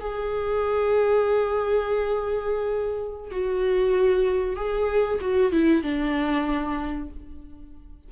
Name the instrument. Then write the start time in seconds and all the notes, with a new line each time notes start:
viola
0.00 G#4
3.30 F#4
4.56 G#4
5.21 F#4
5.52 E4
5.82 D4